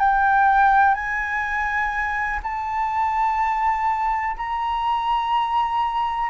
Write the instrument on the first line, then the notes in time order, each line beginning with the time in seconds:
flute
0.00 G5
0.95 G#5
2.43 A5
4.37 A#5